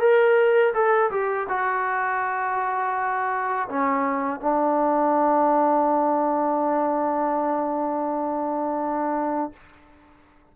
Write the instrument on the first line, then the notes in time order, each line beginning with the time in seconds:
trombone
0.00 A#4
0.74 A4
1.11 G4
1.49 F#4
3.69 C#4
4.40 D4